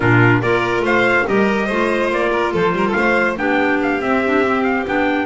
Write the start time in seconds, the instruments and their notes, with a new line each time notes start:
0.00 double bass A#2, clarinet D4, violin F4, trumpet A#4
0.41 double bass A#3, clarinet F4, violin A#4, trumpet D5
0.80 double bass A3, violin C5, trumpet F5
1.26 double bass G3, clarinet G4, violin A#4, trumpet D#5
1.66 double bass A3, clarinet F4, violin C5
2.11 double bass A#3, trumpet D5
2.31 violin A#4
2.53 double bass F3, violin A4, trumpet C5
2.72 double bass G3, violin A#4
2.86 violin A4, trumpet F5
2.95 double bass A3, violin C5
3.36 double bass B3, clarinet D4, violin G4, trumpet G5
3.82 trumpet F5
4.01 clarinet C4, double bass C4, trumpet E5
4.25 clarinet D4
4.43 clarinet C4
4.63 trumpet F5
4.86 double bass B3, clarinet D4, trumpet G5